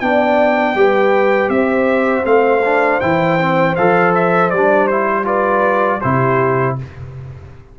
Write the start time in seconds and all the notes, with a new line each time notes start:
0.00 B3 D4 D5 G5
0.75 G3 G4 B4
1.49 C4 C5 E5
2.24 A3 C4 F5
2.65 D4
3.00 E3 E4 G5
3.39 C4
3.76 F3 A4 F5
4.15 E5
4.50 G3 D5
4.56 D4
4.88 E4 C5
5.25 F4 B4 D5
6.01 C3 E4 G4 C5